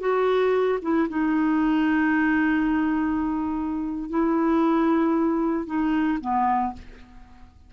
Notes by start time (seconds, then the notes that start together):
0.00 F#4
0.82 E4
1.09 D#4
4.10 E4
5.66 D#4
6.21 B3